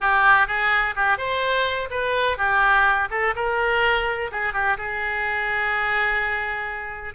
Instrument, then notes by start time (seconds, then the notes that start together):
oboe
0.01 G4
0.47 G#4
0.95 G4
1.17 C5
1.90 B4
2.37 G4
3.10 A4
3.35 A#4
4.31 G#4
4.53 G4
4.77 G#4